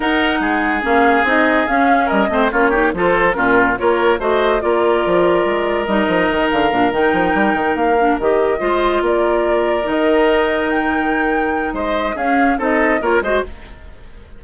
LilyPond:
<<
  \new Staff \with { instrumentName = "flute" } { \time 4/4 \tempo 4 = 143 fis''2 f''4 dis''4 | f''4 dis''4 cis''4 c''4 | ais'4 cis''4 dis''4 d''4~ | d''2 dis''4. f''8~ |
f''8 g''2 f''4 dis''8~ | dis''4. d''2 dis''8~ | dis''4. g''2~ g''8 | dis''4 f''4 dis''4 cis''8 dis''8 | }
  \new Staff \with { instrumentName = "oboe" } { \time 4/4 ais'4 gis'2.~ | gis'4 ais'8 c''8 f'8 g'8 a'4 | f'4 ais'4 c''4 ais'4~ | ais'1~ |
ais'1~ | ais'8 c''4 ais'2~ ais'8~ | ais'1 | c''4 gis'4 a'4 ais'8 c''8 | }
  \new Staff \with { instrumentName = "clarinet" } { \time 4/4 dis'2 cis'4 dis'4 | cis'4. c'8 cis'8 dis'8 f'4 | cis'4 f'4 fis'4 f'4~ | f'2 dis'2 |
d'8 dis'2~ dis'8 d'8 g'8~ | g'8 f'2. dis'8~ | dis'1~ | dis'4 cis'4 dis'4 f'8 fis'8 | }
  \new Staff \with { instrumentName = "bassoon" } { \time 4/4 dis'4 gis4 ais4 c'4 | cis'4 g8 a8 ais4 f4 | ais,4 ais4 a4 ais4 | f4 gis4 g8 f8 dis8 d8 |
ais,8 dis8 f8 g8 dis8 ais4 dis8~ | dis8 gis4 ais2 dis8~ | dis1 | gis4 cis'4 c'4 ais8 gis8 | }
>>